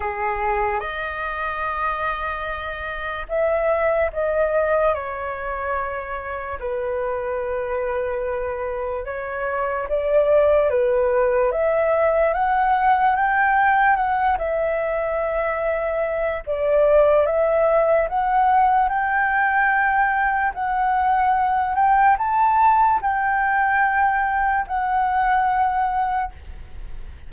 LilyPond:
\new Staff \with { instrumentName = "flute" } { \time 4/4 \tempo 4 = 73 gis'4 dis''2. | e''4 dis''4 cis''2 | b'2. cis''4 | d''4 b'4 e''4 fis''4 |
g''4 fis''8 e''2~ e''8 | d''4 e''4 fis''4 g''4~ | g''4 fis''4. g''8 a''4 | g''2 fis''2 | }